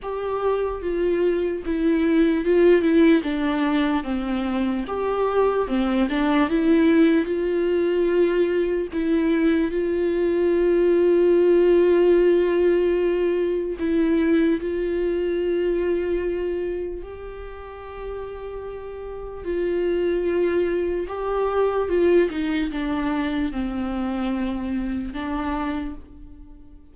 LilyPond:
\new Staff \with { instrumentName = "viola" } { \time 4/4 \tempo 4 = 74 g'4 f'4 e'4 f'8 e'8 | d'4 c'4 g'4 c'8 d'8 | e'4 f'2 e'4 | f'1~ |
f'4 e'4 f'2~ | f'4 g'2. | f'2 g'4 f'8 dis'8 | d'4 c'2 d'4 | }